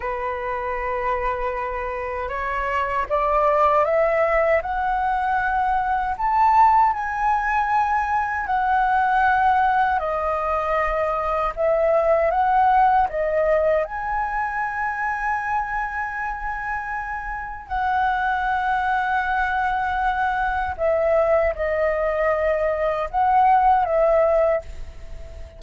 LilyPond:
\new Staff \with { instrumentName = "flute" } { \time 4/4 \tempo 4 = 78 b'2. cis''4 | d''4 e''4 fis''2 | a''4 gis''2 fis''4~ | fis''4 dis''2 e''4 |
fis''4 dis''4 gis''2~ | gis''2. fis''4~ | fis''2. e''4 | dis''2 fis''4 e''4 | }